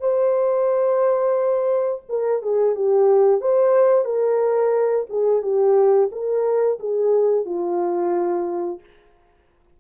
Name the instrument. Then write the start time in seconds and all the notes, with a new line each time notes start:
horn
0.00 C5
2.09 A#4
2.42 G#4
2.75 G4
3.41 C5
4.05 A#4
5.09 G#4
5.42 G4
6.12 A#4
6.80 G#4
7.46 F4